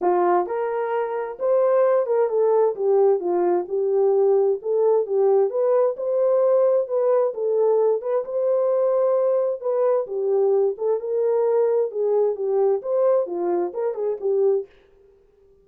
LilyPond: \new Staff \with { instrumentName = "horn" } { \time 4/4 \tempo 4 = 131 f'4 ais'2 c''4~ | c''8 ais'8 a'4 g'4 f'4 | g'2 a'4 g'4 | b'4 c''2 b'4 |
a'4. b'8 c''2~ | c''4 b'4 g'4. a'8 | ais'2 gis'4 g'4 | c''4 f'4 ais'8 gis'8 g'4 | }